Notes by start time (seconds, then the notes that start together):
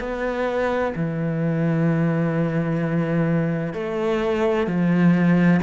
0.00 B3
0.95 E3
3.74 A3
4.67 F3